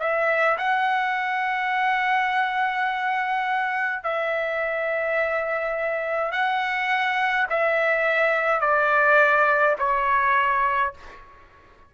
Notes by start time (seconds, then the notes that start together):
0.00 E5
0.58 F#5
4.04 E5
6.32 F#5
7.50 E5
8.61 D5
9.79 C#5